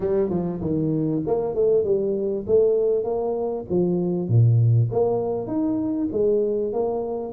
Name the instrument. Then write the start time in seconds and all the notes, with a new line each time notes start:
tuba
0.00 G3
0.29 F3
0.61 D#3
1.26 A#3
1.54 A3
1.83 G3
2.47 A3
3.04 A#3
3.69 F3
4.28 A#2
4.91 A#3
5.47 D#4
6.11 G#3
6.73 A#3